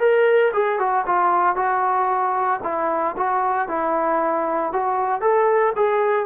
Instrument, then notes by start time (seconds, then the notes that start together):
trombone
0.00 A#4
0.54 G#4
0.79 F#4
1.07 F4
1.56 F#4
2.64 E4
3.17 F#4
3.69 E4
4.73 F#4
5.21 A4
5.76 G#4